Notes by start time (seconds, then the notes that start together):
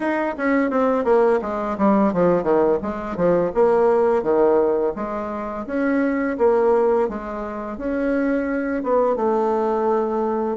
0.00 D#4
0.37 C#4
0.70 C4
1.04 A#3
1.41 G#3
1.77 G3
2.13 F3
2.43 D#3
2.82 G#3
3.16 F3
3.54 A#3
4.22 D#3
4.95 G#3
5.66 C#4
6.38 A#3
7.08 G#3
7.77 C#4
8.83 B3
9.15 A3